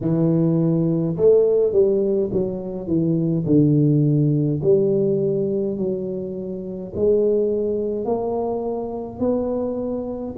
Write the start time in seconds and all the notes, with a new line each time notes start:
0.01 E3
1.16 A3
1.72 G3
2.32 F#3
2.87 E3
3.46 D3
4.62 G3
5.77 F#3
6.95 G#3
8.05 A#3
9.19 B3